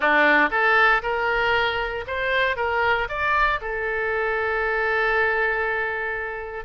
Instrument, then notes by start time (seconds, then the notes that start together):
oboe
0.00 D4
0.50 A4
1.02 A#4
2.07 C5
2.56 A#4
3.08 D5
3.61 A4